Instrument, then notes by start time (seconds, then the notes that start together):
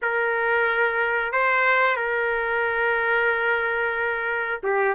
trumpet
0.02 A#4
1.32 C5
1.96 A#4
4.63 G4